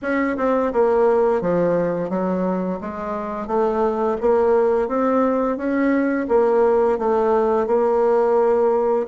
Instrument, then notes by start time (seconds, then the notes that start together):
bassoon
0.02 C#4
0.37 C4
0.73 A#3
1.41 F3
2.09 F#3
2.81 G#3
3.47 A3
4.21 A#3
4.88 C4
5.57 C#4
6.28 A#3
6.98 A3
7.66 A#3